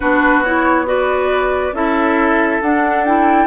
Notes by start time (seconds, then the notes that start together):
0.00 B3 D4 F#4 B4
0.43 E4 C#5
0.85 F#4 B4 D5
1.72 C#4 E4 A4 E5
2.61 D4 F#5
3.05 E4 G5